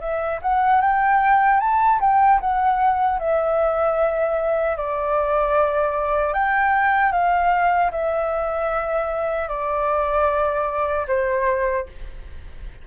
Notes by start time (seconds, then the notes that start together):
0.00 E5
0.42 F#5
0.81 G5
1.60 A5
2.00 G5
2.40 F#5
3.19 E5
4.76 D5
6.33 G5
7.12 F5
7.91 E5
9.48 D5
11.07 C5